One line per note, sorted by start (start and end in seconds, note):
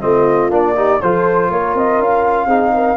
0.00 0.50 A3
0.00 0.50 C4
0.00 0.76 F4
0.00 0.50 D#5
0.50 1.00 A#3
0.50 0.75 D4
0.50 1.00 D5
0.75 1.00 D#4
0.75 1.01 G4
1.00 1.49 F3
1.00 2.49 F4
1.00 1.50 A4
1.00 1.50 C5
1.49 1.74 A#3
1.49 2.46 A#4
1.49 1.75 C#5
1.74 1.98 C4
1.74 2.01 D#5
1.98 2.46 C#4
1.98 2.97 F5
2.46 2.95 C4
2.46 2.97 D#4
2.46 2.71 G#4
2.74 2.97 A#4